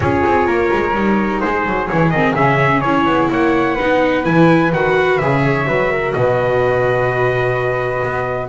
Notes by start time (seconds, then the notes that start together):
0.00 C#4 F4 G#4 C#5
0.26 C4
0.46 A#3 A#4
0.72 G#3
0.94 G3 D#4
1.40 G#3 G#4 C5
1.66 F#3
1.87 E3 E4 C#5
2.09 D#3 C4 D#5
2.35 C#3 C#4 E5
2.80 C#4 E4 C#5
3.05 B3
3.30 A#3 C#5 F#5
3.74 D#4 B4
3.81 B3
4.23 E3 E4 G#5
4.72 D#3 F#4 F#5
5.17 C#3 G#4 E5
5.44 C#5
5.66 F#3 F#4 B4
5.91 A#4
6.13 B2 B4 D#5
8.03 B3